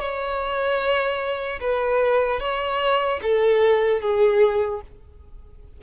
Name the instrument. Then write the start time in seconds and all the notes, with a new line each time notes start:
violin
0.00 C#5
1.61 B4
2.40 C#5
3.23 A4
4.01 G#4